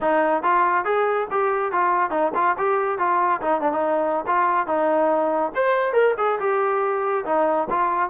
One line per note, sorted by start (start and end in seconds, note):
0.00 0.43 D#4
0.43 0.85 F4
0.85 1.27 G#4
1.30 1.72 G4
1.72 2.10 F4
2.10 2.32 D#4
2.35 2.56 F4
2.57 2.98 G4
2.98 3.40 F4
3.41 3.61 D#4
3.61 3.72 D4
3.72 4.25 D#4
4.26 4.67 F4
4.67 5.52 D#4
5.55 5.93 C5
5.93 6.14 A#4
6.17 6.39 G#4
6.39 7.24 G4
7.25 7.68 D#4
7.69 8.09 F4